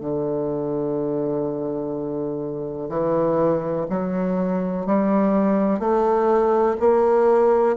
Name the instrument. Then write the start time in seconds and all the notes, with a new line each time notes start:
bassoon
0.00 D3
2.89 E3
3.90 F#3
4.86 G3
5.79 A3
6.80 A#3